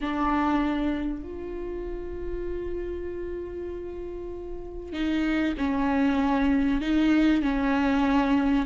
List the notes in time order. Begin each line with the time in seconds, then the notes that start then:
0.00 D4
1.23 F4
4.92 D#4
5.57 C#4
6.81 D#4
7.42 C#4